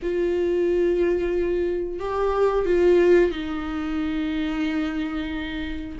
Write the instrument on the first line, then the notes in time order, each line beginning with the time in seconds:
viola
0.02 F4
1.99 G4
2.65 F4
3.31 D#4